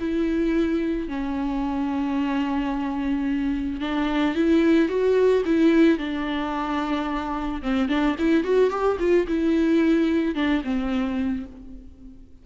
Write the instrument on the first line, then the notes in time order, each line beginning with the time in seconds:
viola
0.00 E4
1.08 C#4
3.81 D4
4.35 E4
4.89 F#4
5.45 E4
5.98 D4
7.62 C4
7.89 D4
8.19 E4
8.44 F#4
8.70 G4
9.00 F4
9.27 E4
10.35 D4
10.64 C4